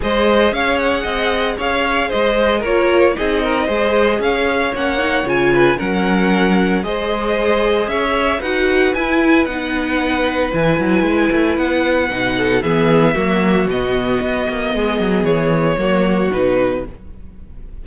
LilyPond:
<<
  \new Staff \with { instrumentName = "violin" } { \time 4/4 \tempo 4 = 114 dis''4 f''8 fis''4. f''4 | dis''4 cis''4 dis''2 | f''4 fis''4 gis''4 fis''4~ | fis''4 dis''2 e''4 |
fis''4 gis''4 fis''2 | gis''2 fis''2 | e''2 dis''2~ | dis''4 cis''2 b'4 | }
  \new Staff \with { instrumentName = "violin" } { \time 4/4 c''4 cis''4 dis''4 cis''4 | c''4 ais'4 gis'8 ais'8 c''4 | cis''2~ cis''8 b'8 ais'4~ | ais'4 c''2 cis''4 |
b'1~ | b'2.~ b'8 a'8 | gis'4 fis'2. | gis'2 fis'2 | }
  \new Staff \with { instrumentName = "viola" } { \time 4/4 gis'1~ | gis'4 f'4 dis'4 gis'4~ | gis'4 cis'8 dis'8 f'4 cis'4~ | cis'4 gis'2. |
fis'4 e'4 dis'2 | e'2. dis'4 | b4 ais4 b2~ | b2 ais4 dis'4 | }
  \new Staff \with { instrumentName = "cello" } { \time 4/4 gis4 cis'4 c'4 cis'4 | gis4 ais4 c'4 gis4 | cis'4 ais4 cis4 fis4~ | fis4 gis2 cis'4 |
dis'4 e'4 b2 | e8 fis8 gis8 a8 b4 b,4 | e4 fis4 b,4 b8 ais8 | gis8 fis8 e4 fis4 b,4 | }
>>